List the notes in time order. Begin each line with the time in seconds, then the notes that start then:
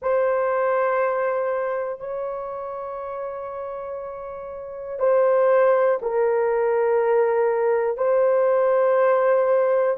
0.01 C5
2.00 C#5
4.99 C5
6.02 A#4
7.97 C5